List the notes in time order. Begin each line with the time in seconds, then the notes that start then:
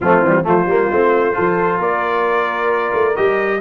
0.00 F3 A3 C4 F4
0.20 E3
0.27 G3
0.42 F3 A3 F4 C5
0.66 G3 A#3
0.91 A3 C4
1.32 F3 F4 A4
1.78 A#3 A#4 D5
2.93 A3
3.15 G3 G4 D#5